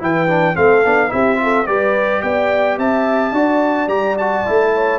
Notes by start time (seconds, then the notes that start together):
0.00 E3 E4 B4 G5
0.28 D4
0.55 A3 C4 A4 F5
0.85 B3 D4
1.09 C4 E4 G4 E5
1.36 F4
1.43 A4
1.67 G3 G4 B4 D5
2.23 B3 D5 G5
2.78 C4 E5 A5
3.33 D4 F#4 D5
3.88 G3 G4 A#5
4.18 F#4 A5
4.46 A3 E4
4.74 C#5